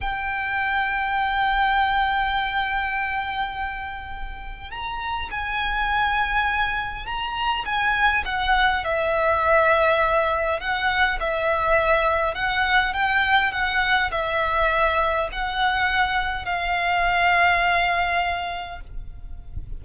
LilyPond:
\new Staff \with { instrumentName = "violin" } { \time 4/4 \tempo 4 = 102 g''1~ | g''1 | ais''4 gis''2. | ais''4 gis''4 fis''4 e''4~ |
e''2 fis''4 e''4~ | e''4 fis''4 g''4 fis''4 | e''2 fis''2 | f''1 | }